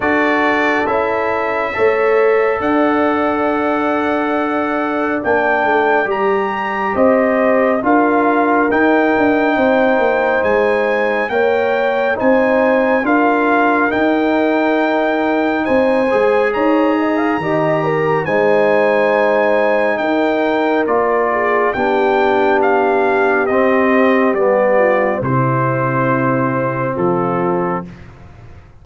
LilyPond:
<<
  \new Staff \with { instrumentName = "trumpet" } { \time 4/4 \tempo 4 = 69 d''4 e''2 fis''4~ | fis''2 g''4 ais''4 | dis''4 f''4 g''2 | gis''4 g''4 gis''4 f''4 |
g''2 gis''4 ais''4~ | ais''4 gis''2 g''4 | d''4 g''4 f''4 dis''4 | d''4 c''2 a'4 | }
  \new Staff \with { instrumentName = "horn" } { \time 4/4 a'2 cis''4 d''4~ | d''1 | c''4 ais'2 c''4~ | c''4 cis''4 c''4 ais'4~ |
ais'2 c''4 cis''8 dis''16 f''16 | dis''8 ais'8 c''2 ais'4~ | ais'8 gis'8 g'2.~ | g'8 f'8 e'2 f'4 | }
  \new Staff \with { instrumentName = "trombone" } { \time 4/4 fis'4 e'4 a'2~ | a'2 d'4 g'4~ | g'4 f'4 dis'2~ | dis'4 ais'4 dis'4 f'4 |
dis'2~ dis'8 gis'4. | g'4 dis'2. | f'4 d'2 c'4 | b4 c'2. | }
  \new Staff \with { instrumentName = "tuba" } { \time 4/4 d'4 cis'4 a4 d'4~ | d'2 ais8 a8 g4 | c'4 d'4 dis'8 d'8 c'8 ais8 | gis4 ais4 c'4 d'4 |
dis'2 c'8 gis8 dis'4 | dis4 gis2 dis'4 | ais4 b2 c'4 | g4 c2 f4 | }
>>